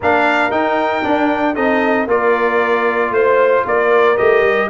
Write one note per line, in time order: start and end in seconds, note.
0.00 0.51 A#3
0.00 0.51 D4
0.00 1.54 A#4
0.00 0.51 F5
0.51 1.03 D#4
0.51 1.02 D#4
0.51 1.55 G5
1.02 1.54 D4
1.02 1.56 D4
1.54 2.06 C4
1.54 2.07 D#4
1.54 2.06 A4
1.54 2.07 D#5
2.06 3.10 A#3
2.06 4.17 F4
2.06 3.12 A#4
2.06 3.12 D5
3.10 3.62 A3
3.10 3.65 C5
3.65 4.17 A#3
3.65 4.69 A#4
3.65 4.17 D5
4.17 4.41 A3
4.17 4.69 G4
4.17 4.69 D#5
4.41 4.67 G3